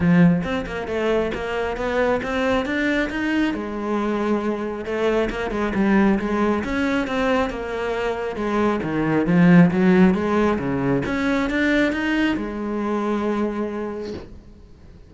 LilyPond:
\new Staff \with { instrumentName = "cello" } { \time 4/4 \tempo 4 = 136 f4 c'8 ais8 a4 ais4 | b4 c'4 d'4 dis'4 | gis2. a4 | ais8 gis8 g4 gis4 cis'4 |
c'4 ais2 gis4 | dis4 f4 fis4 gis4 | cis4 cis'4 d'4 dis'4 | gis1 | }